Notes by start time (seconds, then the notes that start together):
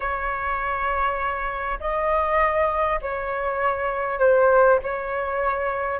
0.00 C#5
1.80 D#5
3.01 C#5
4.19 C5
4.82 C#5